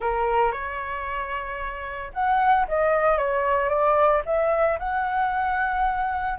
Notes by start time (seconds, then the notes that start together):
0.00 A#4
0.52 C#5
2.13 F#5
2.67 D#5
3.17 C#5
3.69 D5
4.25 E5
4.79 F#5